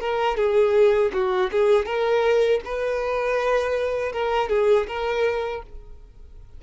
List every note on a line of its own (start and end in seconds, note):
0.00 0.37 A#4
0.37 1.12 G#4
1.13 1.51 F#4
1.52 1.86 G#4
1.86 2.61 A#4
2.65 4.12 B4
4.12 4.49 A#4
4.49 4.87 G#4
4.88 5.62 A#4